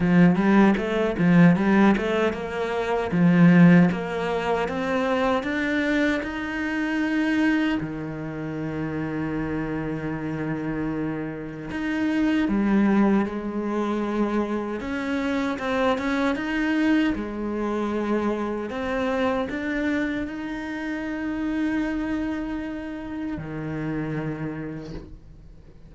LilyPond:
\new Staff \with { instrumentName = "cello" } { \time 4/4 \tempo 4 = 77 f8 g8 a8 f8 g8 a8 ais4 | f4 ais4 c'4 d'4 | dis'2 dis2~ | dis2. dis'4 |
g4 gis2 cis'4 | c'8 cis'8 dis'4 gis2 | c'4 d'4 dis'2~ | dis'2 dis2 | }